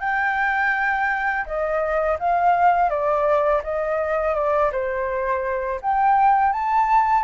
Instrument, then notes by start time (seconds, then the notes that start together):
flute
0.00 G5
1.45 D#5
2.19 F5
2.89 D5
3.63 D#5
4.34 D5
4.71 C5
5.81 G5
6.52 A5